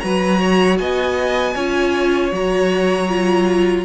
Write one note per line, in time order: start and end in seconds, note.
0.00 0.80 F#3
0.00 1.56 F#4
0.00 0.40 B4
0.00 0.77 A#5
0.40 0.78 C#5
0.79 1.55 B3
0.79 1.54 D#5
0.79 2.32 G#5
1.54 2.32 C#4
1.54 2.31 F4
1.54 3.85 C#5
2.31 3.85 F#3
2.31 3.08 F#4
2.31 3.85 A#5
3.09 3.85 F4